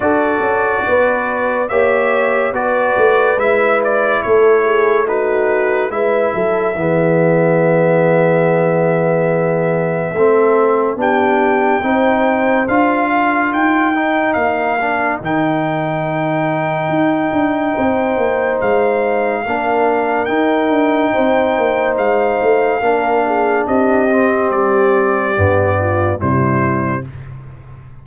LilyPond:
<<
  \new Staff \with { instrumentName = "trumpet" } { \time 4/4 \tempo 4 = 71 d''2 e''4 d''4 | e''8 d''8 cis''4 b'4 e''4~ | e''1~ | e''4 g''2 f''4 |
g''4 f''4 g''2~ | g''2 f''2 | g''2 f''2 | dis''4 d''2 c''4 | }
  \new Staff \with { instrumentName = "horn" } { \time 4/4 a'4 b'4 cis''4 b'4~ | b'4 a'8 gis'8 fis'4 b'8 a'8 | gis'1 | a'4 g'4 c''4. ais'8~ |
ais'1~ | ais'4 c''2 ais'4~ | ais'4 c''2 ais'8 gis'8 | g'2~ g'8 f'8 e'4 | }
  \new Staff \with { instrumentName = "trombone" } { \time 4/4 fis'2 g'4 fis'4 | e'2 dis'4 e'4 | b1 | c'4 d'4 dis'4 f'4~ |
f'8 dis'4 d'8 dis'2~ | dis'2. d'4 | dis'2. d'4~ | d'8 c'4. b4 g4 | }
  \new Staff \with { instrumentName = "tuba" } { \time 4/4 d'8 cis'8 b4 ais4 b8 a8 | gis4 a2 gis8 fis8 | e1 | a4 b4 c'4 d'4 |
dis'4 ais4 dis2 | dis'8 d'8 c'8 ais8 gis4 ais4 | dis'8 d'8 c'8 ais8 gis8 a8 ais4 | c'4 g4 g,4 c4 | }
>>